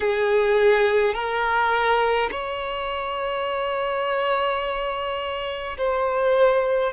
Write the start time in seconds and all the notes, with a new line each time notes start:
0.00 G#4
1.14 A#4
2.31 C#5
5.77 C5